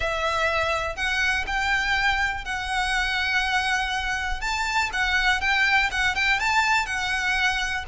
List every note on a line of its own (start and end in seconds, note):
0.00 0.96 E5
0.96 1.45 F#5
1.46 2.44 G5
2.44 4.41 F#5
4.41 4.90 A5
4.92 5.41 F#5
5.41 5.90 G5
5.91 6.15 F#5
6.15 6.39 G5
6.39 6.86 A5
6.86 7.84 F#5